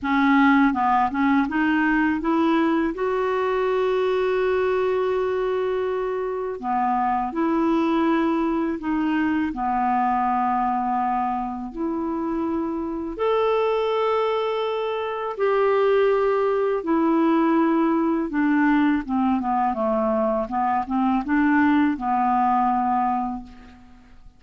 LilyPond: \new Staff \with { instrumentName = "clarinet" } { \time 4/4 \tempo 4 = 82 cis'4 b8 cis'8 dis'4 e'4 | fis'1~ | fis'4 b4 e'2 | dis'4 b2. |
e'2 a'2~ | a'4 g'2 e'4~ | e'4 d'4 c'8 b8 a4 | b8 c'8 d'4 b2 | }